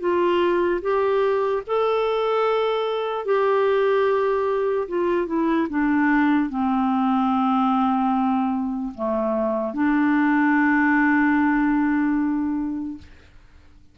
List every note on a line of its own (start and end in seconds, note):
0.00 0.81 F4
0.81 1.63 G4
1.67 3.25 A4
3.25 4.88 G4
4.88 5.27 F4
5.27 5.68 E4
5.69 6.50 D4
6.50 8.93 C4
8.95 9.74 A3
9.74 12.98 D4